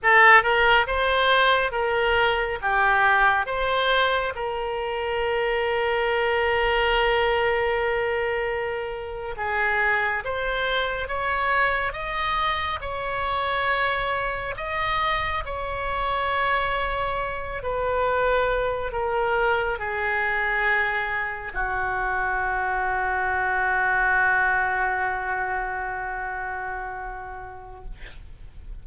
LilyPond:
\new Staff \with { instrumentName = "oboe" } { \time 4/4 \tempo 4 = 69 a'8 ais'8 c''4 ais'4 g'4 | c''4 ais'2.~ | ais'2~ ais'8. gis'4 c''16~ | c''8. cis''4 dis''4 cis''4~ cis''16~ |
cis''8. dis''4 cis''2~ cis''16~ | cis''16 b'4. ais'4 gis'4~ gis'16~ | gis'8. fis'2.~ fis'16~ | fis'1 | }